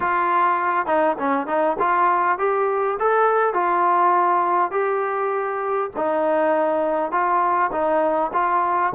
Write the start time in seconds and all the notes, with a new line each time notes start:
0.00 F4
0.86 D#4
1.18 C#4
1.47 D#4
1.79 F4
2.38 G4
2.99 A4
3.53 F4
4.71 G4
5.96 D#4
7.11 F4
7.71 D#4
8.33 F4